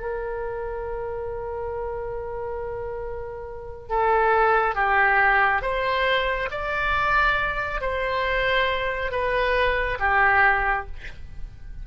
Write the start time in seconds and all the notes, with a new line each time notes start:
0.00 A#4
3.89 A4
4.75 G4
5.62 C5
6.51 D5
7.81 C5
9.11 B4
10.00 G4